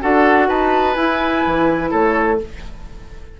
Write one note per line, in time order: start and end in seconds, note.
0.00 0.48 D4
0.00 0.95 F#4
0.00 0.48 A4
0.00 0.49 F#5
0.48 0.96 D#4
0.48 1.90 B4
0.48 0.94 A5
0.94 2.38 E4
0.94 1.44 E4
0.94 1.90 G#5
1.46 1.92 E3
1.90 2.40 A3
1.90 2.38 A4
1.90 2.39 C#5